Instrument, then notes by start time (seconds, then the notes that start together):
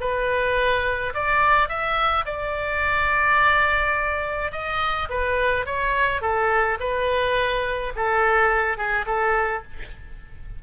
oboe
0.00 B4
1.14 D5
1.68 E5
2.25 D5
4.52 D#5
5.09 B4
5.66 C#5
6.21 A4
6.80 B4
7.96 A4
8.77 G#4
9.06 A4